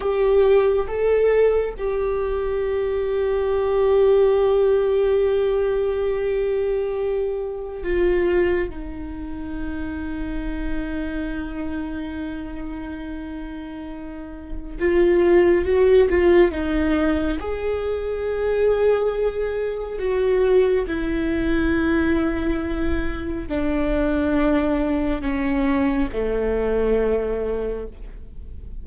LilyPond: \new Staff \with { instrumentName = "viola" } { \time 4/4 \tempo 4 = 69 g'4 a'4 g'2~ | g'1~ | g'4 f'4 dis'2~ | dis'1~ |
dis'4 f'4 fis'8 f'8 dis'4 | gis'2. fis'4 | e'2. d'4~ | d'4 cis'4 a2 | }